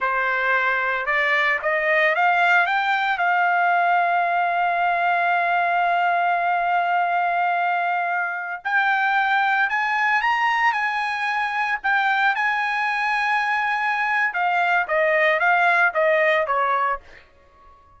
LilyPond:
\new Staff \with { instrumentName = "trumpet" } { \time 4/4 \tempo 4 = 113 c''2 d''4 dis''4 | f''4 g''4 f''2~ | f''1~ | f''1~ |
f''16 g''2 gis''4 ais''8.~ | ais''16 gis''2 g''4 gis''8.~ | gis''2. f''4 | dis''4 f''4 dis''4 cis''4 | }